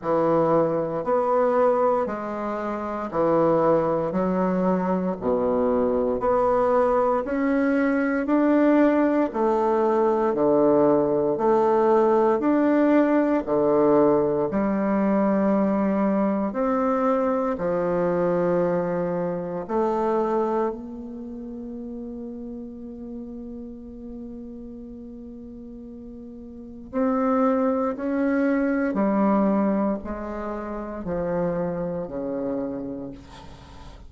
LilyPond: \new Staff \with { instrumentName = "bassoon" } { \time 4/4 \tempo 4 = 58 e4 b4 gis4 e4 | fis4 b,4 b4 cis'4 | d'4 a4 d4 a4 | d'4 d4 g2 |
c'4 f2 a4 | ais1~ | ais2 c'4 cis'4 | g4 gis4 f4 cis4 | }